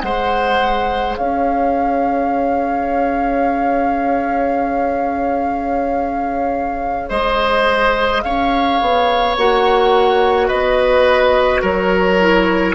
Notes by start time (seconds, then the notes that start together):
0.00 G#3 G#4 C5 F#5
1.17 C#4 C#5 F5
7.09 G#3 C5 D#5
8.22 C#4 C#5 F5
8.81 B3
9.37 A#3 F#4 F#5
10.48 B3 B4 D#5
11.62 F#3 A#4 C#5
12.20 E4